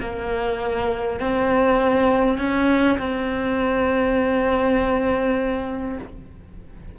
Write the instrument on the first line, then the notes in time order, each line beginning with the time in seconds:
cello
0.00 A#3
1.20 C4
2.38 C#4
2.98 C4